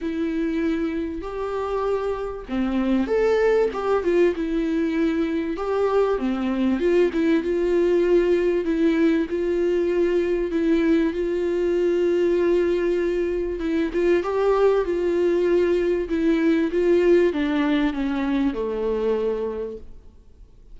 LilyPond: \new Staff \with { instrumentName = "viola" } { \time 4/4 \tempo 4 = 97 e'2 g'2 | c'4 a'4 g'8 f'8 e'4~ | e'4 g'4 c'4 f'8 e'8 | f'2 e'4 f'4~ |
f'4 e'4 f'2~ | f'2 e'8 f'8 g'4 | f'2 e'4 f'4 | d'4 cis'4 a2 | }